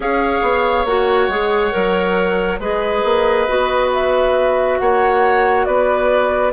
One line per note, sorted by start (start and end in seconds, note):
0.00 0.40 C#4
0.00 0.86 G#4
0.00 2.60 C#5
0.00 0.86 F5
0.42 0.85 B3
0.85 1.28 A#3
0.85 1.30 F#4
0.85 2.60 F#5
1.28 1.71 G#3
1.28 1.72 G#4
1.72 2.59 F#3
1.72 2.59 A#4
2.59 3.02 G#3
2.59 3.47 G#4
2.59 4.77 B4
2.59 3.91 D#5
3.04 3.47 A#3
3.47 4.79 B3
3.47 6.52 F#4
3.92 4.78 E5
4.78 5.66 A#3
4.78 5.66 C#5
4.78 5.64 F#5
5.64 6.52 B3
5.64 6.52 B4
5.64 6.51 D5